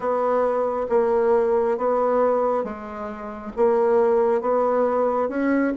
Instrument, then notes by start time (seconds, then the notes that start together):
bassoon
0.00 B3
0.89 A#3
1.77 B3
2.64 G#3
3.56 A#3
4.41 B3
5.29 C#4